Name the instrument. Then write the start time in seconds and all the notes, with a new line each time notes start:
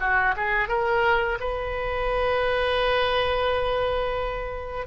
oboe
0.00 F#4
0.36 G#4
0.68 A#4
1.40 B4